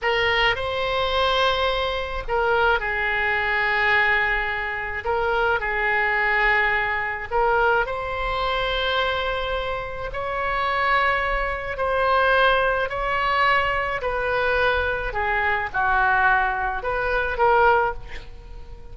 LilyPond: \new Staff \with { instrumentName = "oboe" } { \time 4/4 \tempo 4 = 107 ais'4 c''2. | ais'4 gis'2.~ | gis'4 ais'4 gis'2~ | gis'4 ais'4 c''2~ |
c''2 cis''2~ | cis''4 c''2 cis''4~ | cis''4 b'2 gis'4 | fis'2 b'4 ais'4 | }